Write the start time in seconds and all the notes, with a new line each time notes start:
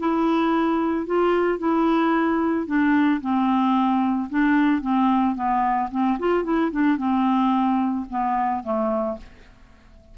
0.00 E4
1.07 F4
1.59 E4
2.67 D4
3.21 C4
4.30 D4
4.82 C4
5.36 B3
5.91 C4
6.20 F4
6.44 E4
6.71 D4
6.98 C4
8.10 B3
8.64 A3